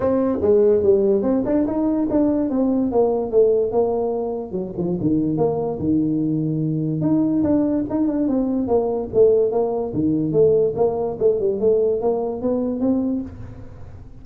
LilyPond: \new Staff \with { instrumentName = "tuba" } { \time 4/4 \tempo 4 = 145 c'4 gis4 g4 c'8 d'8 | dis'4 d'4 c'4 ais4 | a4 ais2 fis8 f8 | dis4 ais4 dis2~ |
dis4 dis'4 d'4 dis'8 d'8 | c'4 ais4 a4 ais4 | dis4 a4 ais4 a8 g8 | a4 ais4 b4 c'4 | }